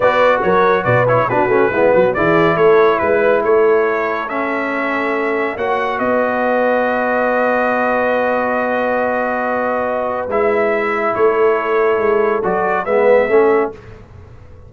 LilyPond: <<
  \new Staff \with { instrumentName = "trumpet" } { \time 4/4 \tempo 4 = 140 d''4 cis''4 d''8 cis''8 b'4~ | b'4 d''4 cis''4 b'4 | cis''2 e''2~ | e''4 fis''4 dis''2~ |
dis''1~ | dis''1 | e''2 cis''2~ | cis''4 d''4 e''2 | }
  \new Staff \with { instrumentName = "horn" } { \time 4/4 b'4 ais'4 b'4 fis'4 | e'8 fis'8 gis'4 a'4 b'4 | a'1~ | a'4 cis''4 b'2~ |
b'1~ | b'1~ | b'2 a'2~ | a'2 b'4 a'4 | }
  \new Staff \with { instrumentName = "trombone" } { \time 4/4 fis'2~ fis'8 e'8 d'8 cis'8 | b4 e'2.~ | e'2 cis'2~ | cis'4 fis'2.~ |
fis'1~ | fis'1 | e'1~ | e'4 fis'4 b4 cis'4 | }
  \new Staff \with { instrumentName = "tuba" } { \time 4/4 b4 fis4 b,4 b8 a8 | gis8 fis8 e4 a4 gis4 | a1~ | a4 ais4 b2~ |
b1~ | b1 | gis2 a2 | gis4 fis4 gis4 a4 | }
>>